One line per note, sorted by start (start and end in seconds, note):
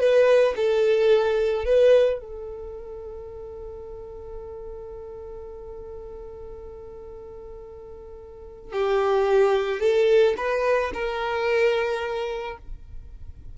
0.00 0.55 B4
0.57 1.65 A4
1.65 2.20 B4
2.20 8.73 A4
8.73 9.80 G4
9.80 10.35 A4
10.37 10.92 B4
10.94 12.58 A#4